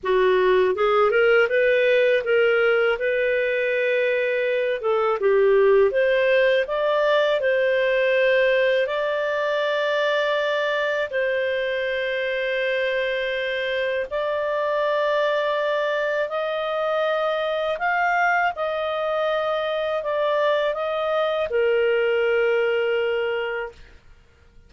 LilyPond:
\new Staff \with { instrumentName = "clarinet" } { \time 4/4 \tempo 4 = 81 fis'4 gis'8 ais'8 b'4 ais'4 | b'2~ b'8 a'8 g'4 | c''4 d''4 c''2 | d''2. c''4~ |
c''2. d''4~ | d''2 dis''2 | f''4 dis''2 d''4 | dis''4 ais'2. | }